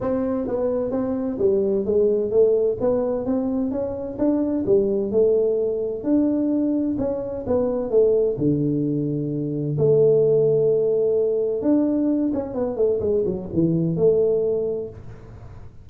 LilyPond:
\new Staff \with { instrumentName = "tuba" } { \time 4/4 \tempo 4 = 129 c'4 b4 c'4 g4 | gis4 a4 b4 c'4 | cis'4 d'4 g4 a4~ | a4 d'2 cis'4 |
b4 a4 d2~ | d4 a2.~ | a4 d'4. cis'8 b8 a8 | gis8 fis8 e4 a2 | }